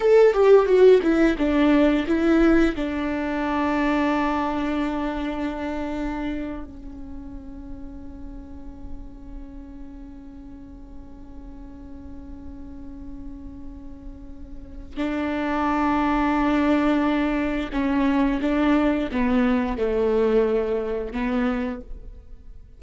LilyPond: \new Staff \with { instrumentName = "viola" } { \time 4/4 \tempo 4 = 88 a'8 g'8 fis'8 e'8 d'4 e'4 | d'1~ | d'4.~ d'16 cis'2~ cis'16~ | cis'1~ |
cis'1~ | cis'2 d'2~ | d'2 cis'4 d'4 | b4 a2 b4 | }